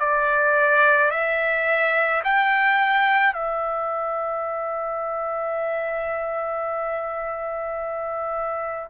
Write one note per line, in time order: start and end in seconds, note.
0.00 1.11 D5
1.11 2.22 E5
2.24 3.34 G5
3.34 8.89 E5